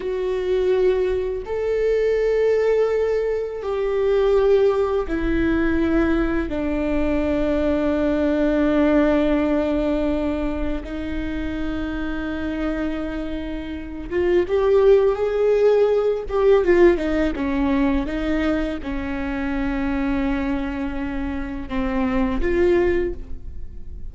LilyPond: \new Staff \with { instrumentName = "viola" } { \time 4/4 \tempo 4 = 83 fis'2 a'2~ | a'4 g'2 e'4~ | e'4 d'2.~ | d'2. dis'4~ |
dis'2.~ dis'8 f'8 | g'4 gis'4. g'8 f'8 dis'8 | cis'4 dis'4 cis'2~ | cis'2 c'4 f'4 | }